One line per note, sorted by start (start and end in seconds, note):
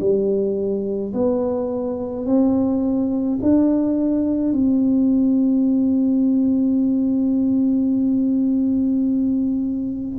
0.00 1.13 G3
1.14 2.26 B3
2.26 3.39 C4
3.42 4.53 D4
4.53 10.19 C4